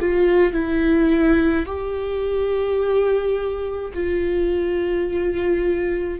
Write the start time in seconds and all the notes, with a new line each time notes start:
0.00 F4
0.52 E4
1.66 G4
3.94 F4